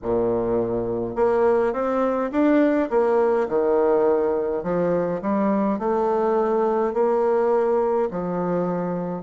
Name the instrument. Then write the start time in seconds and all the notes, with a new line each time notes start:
bassoon
0.02 A#2
1.15 A#3
1.73 C4
2.31 D4
2.90 A#3
3.48 D#3
4.63 F3
5.21 G3
5.78 A3
6.93 A#3
8.10 F3